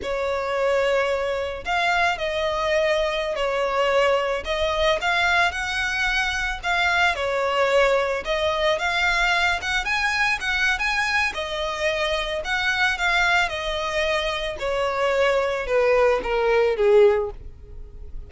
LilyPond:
\new Staff \with { instrumentName = "violin" } { \time 4/4 \tempo 4 = 111 cis''2. f''4 | dis''2~ dis''16 cis''4.~ cis''16~ | cis''16 dis''4 f''4 fis''4.~ fis''16~ | fis''16 f''4 cis''2 dis''8.~ |
dis''16 f''4. fis''8 gis''4 fis''8. | gis''4 dis''2 fis''4 | f''4 dis''2 cis''4~ | cis''4 b'4 ais'4 gis'4 | }